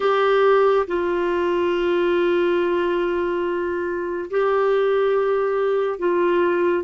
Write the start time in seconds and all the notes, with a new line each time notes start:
0.00 G4
0.86 F4
4.30 G4
5.98 F4